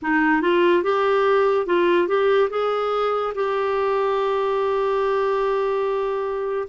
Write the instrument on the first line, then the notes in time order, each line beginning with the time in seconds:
clarinet
0.02 D#4
0.41 F4
0.83 G4
1.66 F4
2.08 G4
2.50 G#4
3.34 G4